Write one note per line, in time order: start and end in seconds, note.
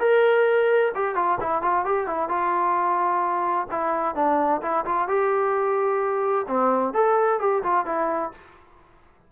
0.00 0.92 A#4
0.95 1.16 G4
1.16 1.39 F4
1.41 1.63 E4
1.63 1.86 F4
1.86 2.07 G4
2.07 2.29 E4
2.29 3.68 F4
3.72 4.16 E4
4.16 4.62 D4
4.62 4.85 E4
4.86 5.09 F4
5.09 6.47 G4
6.48 6.94 C4
6.94 7.40 A4
7.40 7.63 G4
7.64 7.86 F4
7.86 8.32 E4